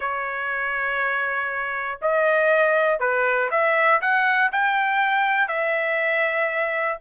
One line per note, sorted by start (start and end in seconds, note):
0.00 1.99 C#5
2.01 2.99 D#5
2.99 3.49 B4
3.50 4.00 E5
4.01 4.51 F#5
4.52 5.47 G5
5.47 6.97 E5